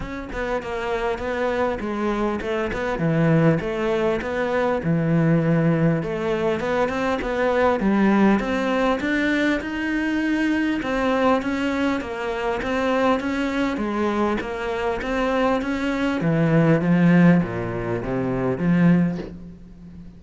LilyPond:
\new Staff \with { instrumentName = "cello" } { \time 4/4 \tempo 4 = 100 cis'8 b8 ais4 b4 gis4 | a8 b8 e4 a4 b4 | e2 a4 b8 c'8 | b4 g4 c'4 d'4 |
dis'2 c'4 cis'4 | ais4 c'4 cis'4 gis4 | ais4 c'4 cis'4 e4 | f4 ais,4 c4 f4 | }